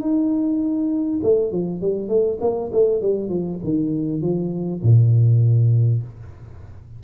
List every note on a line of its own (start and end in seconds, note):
0.00 1.20 D#4
1.23 1.51 A3
1.51 1.81 F3
1.81 2.08 G3
2.08 2.38 A3
2.41 2.71 A#3
2.72 3.01 A3
3.01 3.29 G3
3.29 3.59 F3
3.64 4.21 D#3
4.21 4.81 F3
4.83 6.03 A#2